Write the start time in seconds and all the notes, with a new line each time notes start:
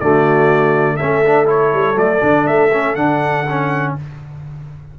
0.00 D3 A3 F#4 D5
0.97 A3 C#4 A4 E5
1.27 D4
1.46 E4 C#5
1.73 G3
1.96 F#3 A3 D5
2.21 D3 D4
2.47 A3 E5
2.73 C#4
2.96 D3 D4 F#5
3.50 C#4